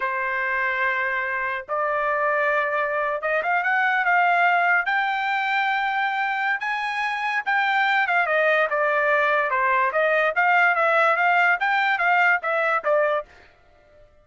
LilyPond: \new Staff \with { instrumentName = "trumpet" } { \time 4/4 \tempo 4 = 145 c''1 | d''2.~ d''8. dis''16~ | dis''16 f''8 fis''4 f''2 g''16~ | g''1 |
gis''2 g''4. f''8 | dis''4 d''2 c''4 | dis''4 f''4 e''4 f''4 | g''4 f''4 e''4 d''4 | }